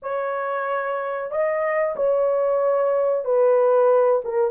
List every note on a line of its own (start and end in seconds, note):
0.02 1.31 C#5
1.31 1.95 D#5
1.95 3.24 C#5
3.25 4.21 B4
4.24 4.50 A#4